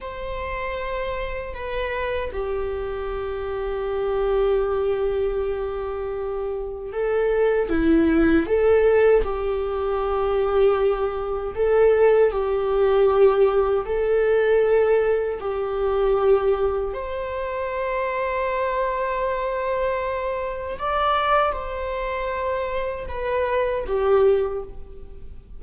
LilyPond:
\new Staff \with { instrumentName = "viola" } { \time 4/4 \tempo 4 = 78 c''2 b'4 g'4~ | g'1~ | g'4 a'4 e'4 a'4 | g'2. a'4 |
g'2 a'2 | g'2 c''2~ | c''2. d''4 | c''2 b'4 g'4 | }